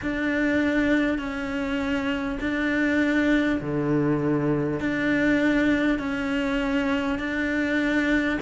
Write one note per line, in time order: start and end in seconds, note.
0.02 1.18 D4
1.18 2.38 C#4
2.40 3.60 D4
3.61 4.79 D3
4.79 5.98 D4
5.98 7.18 C#4
7.18 8.38 D4